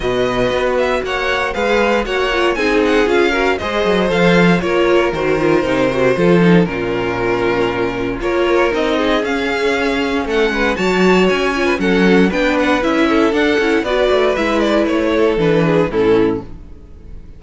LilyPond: <<
  \new Staff \with { instrumentName = "violin" } { \time 4/4 \tempo 4 = 117 dis''4. e''8 fis''4 f''4 | fis''4 gis''8 fis''8 f''4 dis''4 | f''4 cis''4 c''2~ | c''4 ais'2. |
cis''4 dis''4 f''2 | fis''4 a''4 gis''4 fis''4 | g''8 fis''8 e''4 fis''4 d''4 | e''8 d''8 cis''4 b'4 a'4 | }
  \new Staff \with { instrumentName = "violin" } { \time 4/4 b'2 cis''4 b'4 | cis''4 gis'4. ais'8 c''4~ | c''4 ais'2. | a'4 f'2. |
ais'4. gis'2~ gis'8 | a'8 b'8 cis''4.~ cis''16 b'16 a'4 | b'4. a'4. b'4~ | b'4. a'4 gis'8 e'4 | }
  \new Staff \with { instrumentName = "viola" } { \time 4/4 fis'2. gis'4 | fis'8 f'8 dis'4 f'8 fis'8 gis'4 | a'4 f'4 fis'8 f'8 dis'8 fis'8 | f'8 dis'8 cis'2. |
f'4 dis'4 cis'2~ | cis'4 fis'4. f'8 cis'4 | d'4 e'4 d'8 e'8 fis'4 | e'2 d'4 cis'4 | }
  \new Staff \with { instrumentName = "cello" } { \time 4/4 b,4 b4 ais4 gis4 | ais4 c'4 cis'4 gis8 fis8 | f4 ais4 dis4 c4 | f4 ais,2. |
ais4 c'4 cis'2 | a8 gis8 fis4 cis'4 fis4 | b4 cis'4 d'8 cis'8 b8 a8 | gis4 a4 e4 a,4 | }
>>